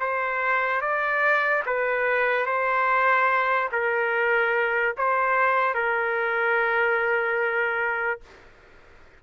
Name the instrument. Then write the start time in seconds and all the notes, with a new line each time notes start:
trumpet
0.00 C5
0.81 D5
1.66 B4
2.46 C5
3.72 A#4
4.97 C5
5.74 A#4